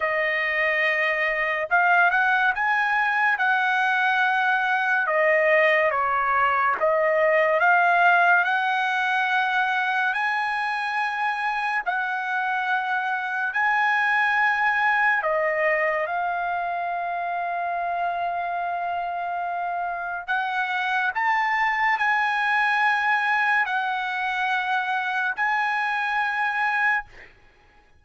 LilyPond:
\new Staff \with { instrumentName = "trumpet" } { \time 4/4 \tempo 4 = 71 dis''2 f''8 fis''8 gis''4 | fis''2 dis''4 cis''4 | dis''4 f''4 fis''2 | gis''2 fis''2 |
gis''2 dis''4 f''4~ | f''1 | fis''4 a''4 gis''2 | fis''2 gis''2 | }